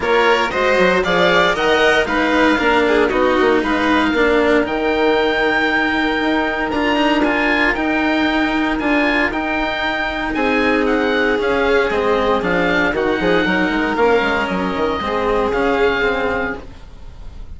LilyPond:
<<
  \new Staff \with { instrumentName = "oboe" } { \time 4/4 \tempo 4 = 116 cis''4 dis''4 f''4 fis''4 | f''2 dis''4 f''4~ | f''4 g''2.~ | g''4 ais''4 gis''4 g''4~ |
g''4 gis''4 g''2 | gis''4 fis''4 f''4 dis''4 | f''4 fis''2 f''4 | dis''2 f''2 | }
  \new Staff \with { instrumentName = "violin" } { \time 4/4 ais'4 c''4 d''4 dis''4 | b'4 ais'8 gis'8 fis'4 b'4 | ais'1~ | ais'1~ |
ais'1 | gis'1~ | gis'4 fis'8 gis'8 ais'2~ | ais'4 gis'2. | }
  \new Staff \with { instrumentName = "cello" } { \time 4/4 f'4 fis'4 gis'4 ais'4 | dis'4 d'4 dis'2 | d'4 dis'2.~ | dis'4 f'8 dis'8 f'4 dis'4~ |
dis'4 f'4 dis'2~ | dis'2 cis'4 c'4 | d'4 dis'2 cis'4~ | cis'4 c'4 cis'4 c'4 | }
  \new Staff \with { instrumentName = "bassoon" } { \time 4/4 ais4 gis8 fis8 f4 dis4 | gis4 ais4 b8 ais8 gis4 | ais4 dis2. | dis'4 d'2 dis'4~ |
dis'4 d'4 dis'2 | c'2 cis'4 gis4 | f4 dis8 f8 fis8 gis8 ais8 gis8 | fis8 dis8 gis4 cis2 | }
>>